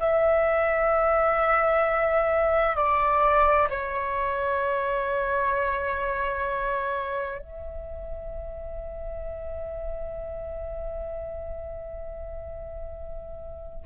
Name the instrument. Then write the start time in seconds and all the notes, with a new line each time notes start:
flute
0.00 E5
2.76 D5
3.70 C#5
7.39 E5